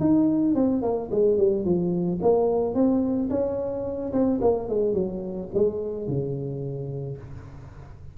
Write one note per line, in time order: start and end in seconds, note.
0.00 0.55 D#4
0.55 0.82 C4
0.82 1.10 A#3
1.11 1.38 G#3
1.38 1.65 G3
1.65 2.20 F3
2.22 2.74 A#3
2.74 3.30 C4
3.30 4.13 C#4
4.13 4.40 C4
4.42 4.69 A#3
4.69 4.94 G#3
4.94 5.49 F#3
5.54 6.08 G#3
6.08 7.18 C#3